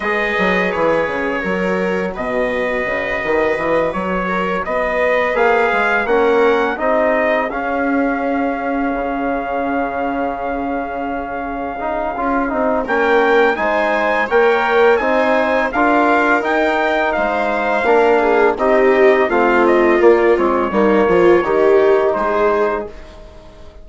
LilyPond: <<
  \new Staff \with { instrumentName = "trumpet" } { \time 4/4 \tempo 4 = 84 dis''4 cis''2 dis''4~ | dis''4. cis''4 dis''4 f''8~ | f''8 fis''4 dis''4 f''4.~ | f''1~ |
f''2 g''4 gis''4 | g''4 gis''4 f''4 g''4 | f''2 dis''4 f''8 dis''8 | d''8 cis''2~ cis''8 c''4 | }
  \new Staff \with { instrumentName = "viola" } { \time 4/4 b'2 ais'4 b'4~ | b'2 ais'8 b'4.~ | b'8 ais'4 gis'2~ gis'8~ | gis'1~ |
gis'2 ais'4 c''4 | cis''4 c''4 ais'2 | c''4 ais'8 gis'8 g'4 f'4~ | f'4 dis'8 f'8 g'4 gis'4 | }
  \new Staff \with { instrumentName = "trombone" } { \time 4/4 gis'2 fis'2~ | fis'2.~ fis'8 gis'8~ | gis'8 cis'4 dis'4 cis'4.~ | cis'1~ |
cis'8 dis'8 f'8 dis'8 cis'4 dis'4 | ais'4 dis'4 f'4 dis'4~ | dis'4 d'4 dis'4 c'4 | ais8 c'8 ais4 dis'2 | }
  \new Staff \with { instrumentName = "bassoon" } { \time 4/4 gis8 fis8 e8 cis8 fis4 b,4 | cis8 dis8 e8 fis4 b4 ais8 | gis8 ais4 c'4 cis'4.~ | cis'8 cis2.~ cis8~ |
cis4 cis'8 c'8 ais4 gis4 | ais4 c'4 d'4 dis'4 | gis4 ais4 c'4 a4 | ais8 gis8 g8 f8 dis4 gis4 | }
>>